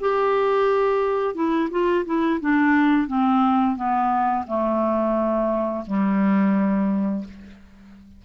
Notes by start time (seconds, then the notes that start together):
0.00 G4
1.34 E4
1.71 F4
2.05 E4
2.41 D4
3.08 C4
3.76 B3
4.47 A3
5.87 G3